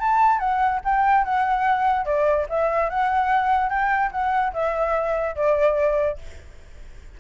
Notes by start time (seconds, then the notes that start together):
0.00 A5
0.39 F#5
0.84 G5
1.24 F#5
2.05 D5
2.49 E5
2.90 F#5
3.70 G5
4.12 F#5
4.53 E5
5.36 D5